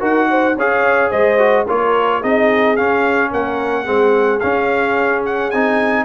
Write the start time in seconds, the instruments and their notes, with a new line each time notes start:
0.00 tuba D#4, trombone F#4, horn A#4, trumpet F#5
0.30 horn C5
0.57 tuba C#4, trombone G#4, horn C#5, trumpet F5
1.10 tuba G#3, horn C5, trumpet D#5
1.39 trombone F#4
1.67 tuba A#3, trombone F4, horn A#4, trumpet C#5
2.19 tuba C4, trombone D#4, horn G#4, trumpet D#5
2.76 trombone C#4, tuba C#4, trumpet F5
3.31 tuba A#3, horn A#4, trumpet F#5
3.84 tuba G#3, trombone C4, horn G#4
4.40 trombone C#4, tuba C#4, trumpet F5
5.26 trumpet F#5
5.51 tuba C4, trombone D#4, trumpet G#5